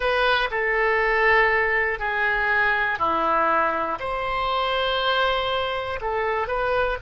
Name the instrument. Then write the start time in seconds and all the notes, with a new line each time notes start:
oboe
0.00 B4
0.50 A4
1.99 G#4
2.99 E4
3.99 C5
6.00 A4
6.47 B4